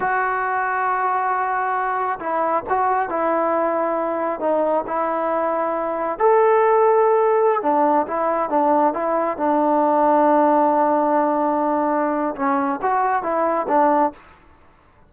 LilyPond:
\new Staff \with { instrumentName = "trombone" } { \time 4/4 \tempo 4 = 136 fis'1~ | fis'4 e'4 fis'4 e'4~ | e'2 dis'4 e'4~ | e'2 a'2~ |
a'4~ a'16 d'4 e'4 d'8.~ | d'16 e'4 d'2~ d'8.~ | d'1 | cis'4 fis'4 e'4 d'4 | }